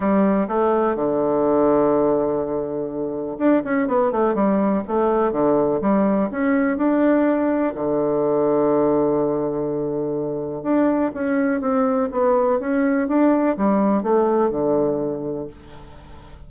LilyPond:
\new Staff \with { instrumentName = "bassoon" } { \time 4/4 \tempo 4 = 124 g4 a4 d2~ | d2. d'8 cis'8 | b8 a8 g4 a4 d4 | g4 cis'4 d'2 |
d1~ | d2 d'4 cis'4 | c'4 b4 cis'4 d'4 | g4 a4 d2 | }